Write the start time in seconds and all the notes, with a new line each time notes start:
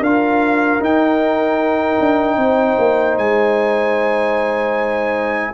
0.00 D4 F4 A#4 F5
0.80 D#4 G5
2.00 D4
2.36 C4 C5
2.78 A#3
3.17 G#3 G#5